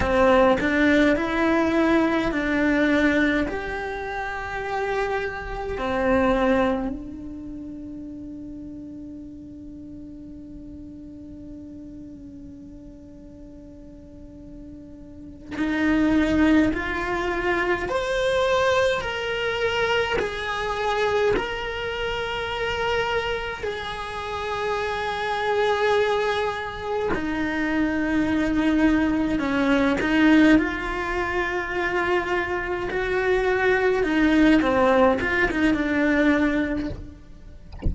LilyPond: \new Staff \with { instrumentName = "cello" } { \time 4/4 \tempo 4 = 52 c'8 d'8 e'4 d'4 g'4~ | g'4 c'4 d'2~ | d'1~ | d'4. dis'4 f'4 c''8~ |
c''8 ais'4 gis'4 ais'4.~ | ais'8 gis'2. dis'8~ | dis'4. cis'8 dis'8 f'4.~ | f'8 fis'4 dis'8 c'8 f'16 dis'16 d'4 | }